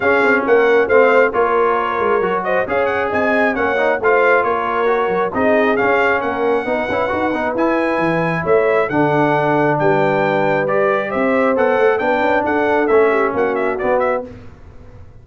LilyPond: <<
  \new Staff \with { instrumentName = "trumpet" } { \time 4/4 \tempo 4 = 135 f''4 fis''4 f''4 cis''4~ | cis''4. dis''8 f''8 fis''8 gis''4 | fis''4 f''4 cis''2 | dis''4 f''4 fis''2~ |
fis''4 gis''2 e''4 | fis''2 g''2 | d''4 e''4 fis''4 g''4 | fis''4 e''4 fis''8 e''8 d''8 e''8 | }
  \new Staff \with { instrumentName = "horn" } { \time 4/4 gis'4 ais'4 c''4 ais'4~ | ais'4. c''8 cis''4 dis''4 | cis''4 c''4 ais'2 | gis'2 ais'4 b'4~ |
b'2. cis''4 | a'2 b'2~ | b'4 c''2 b'4 | a'4. g'8 fis'2 | }
  \new Staff \with { instrumentName = "trombone" } { \time 4/4 cis'2 c'4 f'4~ | f'4 fis'4 gis'2 | cis'8 dis'8 f'2 fis'4 | dis'4 cis'2 dis'8 e'8 |
fis'8 dis'8 e'2. | d'1 | g'2 a'4 d'4~ | d'4 cis'2 b4 | }
  \new Staff \with { instrumentName = "tuba" } { \time 4/4 cis'8 c'8 ais4 a4 ais4~ | ais8 gis8 fis4 cis'4 c'4 | ais4 a4 ais4. fis8 | c'4 cis'4 ais4 b8 cis'8 |
dis'8 b8 e'4 e4 a4 | d2 g2~ | g4 c'4 b8 a8 b8 cis'8 | d'4 a4 ais4 b4 | }
>>